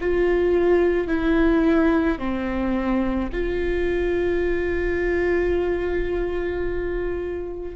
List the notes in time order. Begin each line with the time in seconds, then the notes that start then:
0.00 F4
1.07 E4
2.18 C4
3.32 F4